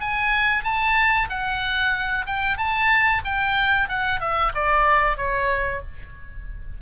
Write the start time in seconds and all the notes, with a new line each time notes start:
0.00 G#5
0.64 A5
1.29 F#5
2.26 G5
2.57 A5
3.25 G5
3.88 F#5
4.20 E5
4.55 D5
5.17 C#5